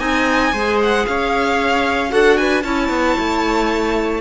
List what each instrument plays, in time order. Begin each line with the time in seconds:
0.00 cello C4, clarinet D#4, viola D#5, violin G#5
0.53 cello G#3, clarinet G#4, viola C5
0.83 violin F#5
1.07 cello C#4, viola C#5, violin F5
2.10 cello D4, clarinet F#4, viola A4, violin F#5
2.38 viola B4, violin G#5
2.63 cello C#4, clarinet E4, viola C#5, violin A5
2.90 cello B3
3.19 cello A3